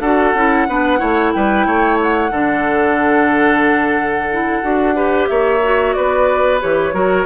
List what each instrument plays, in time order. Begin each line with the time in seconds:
0.00 bassoon D4, clarinet F#4, oboe A4, flute F#5
0.34 bassoon C#4, clarinet E4
0.68 bassoon B3, clarinet D4, oboe B4
0.98 bassoon A3, clarinet E4, oboe C#5
1.32 bassoon G3, oboe B4, flute G5
1.66 bassoon A3, oboe C#5
2.02 flute F#5
2.30 bassoon D3, clarinet D4, oboe A4
4.31 clarinet E4
4.62 bassoon D4, clarinet F#4
4.95 clarinet G4, oboe B4
5.27 bassoon A#3, oboe C#5, flute E5
5.63 clarinet F#4
5.93 bassoon B3, oboe B4, flute D5
6.60 bassoon E3, clarinet G4, flute C#5
6.93 bassoon F#3, clarinet F#4, oboe A#4